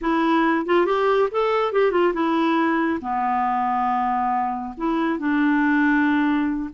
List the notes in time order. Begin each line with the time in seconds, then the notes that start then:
0.01 E4
0.66 F4
0.86 G4
1.31 A4
1.72 G4
1.91 F4
2.13 E4
3.01 B3
4.77 E4
5.18 D4